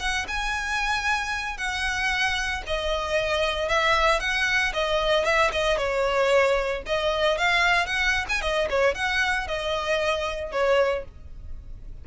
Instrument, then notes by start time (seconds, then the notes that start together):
violin
0.00 F#5
0.28 G#5
1.57 F#5
2.67 D#5
3.69 E5
4.20 F#5
4.74 D#5
5.25 E5
5.52 D#5
5.78 C#5
6.86 D#5
7.38 F5
7.86 F#5
8.29 G#5
8.41 D#5
8.70 C#5
8.95 F#5
9.48 D#5
10.52 C#5